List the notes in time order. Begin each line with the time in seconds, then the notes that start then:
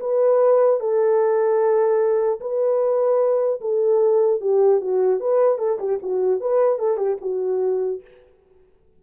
0.00 B4
0.80 A4
2.40 B4
3.61 A4
4.41 G4
4.81 F#4
5.20 B4
5.58 A4
5.79 G4
6.02 F#4
6.41 B4
6.79 A4
6.97 G4
7.21 F#4